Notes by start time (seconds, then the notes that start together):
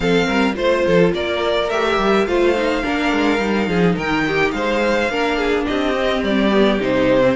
0.00 F3 C4 A4 F5
0.26 G3 A#4
0.53 A3 F4 C5
0.85 F3 A4
1.12 A#3 A#4 D5
1.69 A3 G4 E5
1.97 G3
2.26 A3 F4 C5 F5
2.55 D#4
2.83 A#3 D4 A#4
3.12 G#3
3.38 G3 D#4
3.67 F3 G#4
3.95 D#3 A#4 G5
4.27 G4
4.51 G#3 C5 F5
5.08 A#3 D4 A#4
5.37 G#4
5.67 C4 G4 D#5
5.94 C4
6.22 G3 D5
6.51 B3
6.79 C3 D#4 C5
7.20 C4